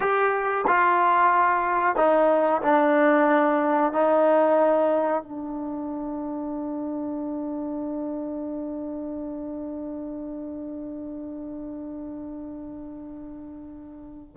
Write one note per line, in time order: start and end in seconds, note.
0.00 0.65 G4
0.67 1.96 F4
1.96 2.61 D#4
2.61 3.92 D4
3.92 5.22 D#4
5.22 14.35 D4